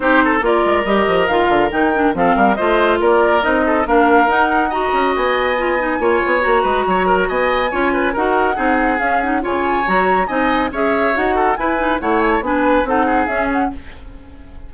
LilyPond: <<
  \new Staff \with { instrumentName = "flute" } { \time 4/4 \tempo 4 = 140 c''4 d''4 dis''4 f''4 | g''4 f''4 dis''4 d''4 | dis''4 f''4 fis''4 ais''4 | gis''2. ais''4~ |
ais''4 gis''2 fis''4~ | fis''4 f''8 fis''8 gis''4 ais''4 | gis''4 e''4 fis''4 gis''4 | fis''8 gis''16 a''16 gis''4 fis''4 e''8 fis''8 | }
  \new Staff \with { instrumentName = "oboe" } { \time 4/4 g'8 a'8 ais'2.~ | ais'4 a'8 ais'8 c''4 ais'4~ | ais'8 a'8 ais'2 dis''4~ | dis''2 cis''4. b'8 |
cis''8 ais'8 dis''4 cis''8 b'8 ais'4 | gis'2 cis''2 | dis''4 cis''4. a'8 b'4 | cis''4 b'4 a'8 gis'4. | }
  \new Staff \with { instrumentName = "clarinet" } { \time 4/4 dis'4 f'4 g'4 f'4 | dis'8 d'8 c'4 f'2 | dis'4 d'4 dis'4 fis'4~ | fis'4 f'8 dis'8 f'4 fis'4~ |
fis'2 f'4 fis'4 | dis'4 cis'8 dis'8 f'4 fis'4 | dis'4 gis'4 fis'4 e'8 dis'8 | e'4 d'4 dis'4 cis'4 | }
  \new Staff \with { instrumentName = "bassoon" } { \time 4/4 c'4 ais8 gis8 g8 f8 dis8 d8 | dis4 f8 g8 a4 ais4 | c'4 ais4 dis'4. cis'8 | b2 ais8 b8 ais8 gis8 |
fis4 b4 cis'4 dis'4 | c'4 cis'4 cis4 fis4 | c'4 cis'4 dis'4 e'4 | a4 b4 c'4 cis'4 | }
>>